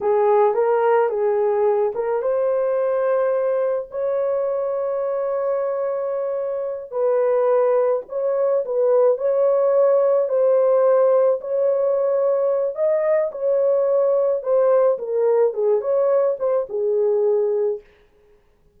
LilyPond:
\new Staff \with { instrumentName = "horn" } { \time 4/4 \tempo 4 = 108 gis'4 ais'4 gis'4. ais'8 | c''2. cis''4~ | cis''1~ | cis''8 b'2 cis''4 b'8~ |
b'8 cis''2 c''4.~ | c''8 cis''2~ cis''8 dis''4 | cis''2 c''4 ais'4 | gis'8 cis''4 c''8 gis'2 | }